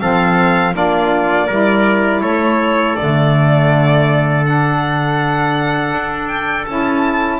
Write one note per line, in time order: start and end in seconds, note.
0.00 0.74 F3
0.00 0.74 C4
0.00 0.75 A4
0.00 0.74 F5
0.74 1.48 A#3
0.74 1.48 D4
0.74 1.47 F4
0.74 2.22 D5
1.47 2.22 G3
1.47 2.97 E4
1.47 2.21 A#4
2.21 2.96 A3
2.21 7.40 A4
2.21 2.96 C#5
2.96 5.93 D3
2.96 4.45 A3
2.96 4.44 D5
4.45 6.67 D4
4.45 6.28 F#5
5.93 6.67 D4
6.28 6.65 G5
6.66 7.40 C#4
6.66 7.40 E4
6.66 7.40 A5